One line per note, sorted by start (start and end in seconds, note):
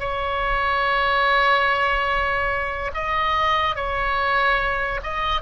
0.00 2.92 C#5
2.94 3.76 D#5
3.76 5.01 C#5
5.04 5.42 D#5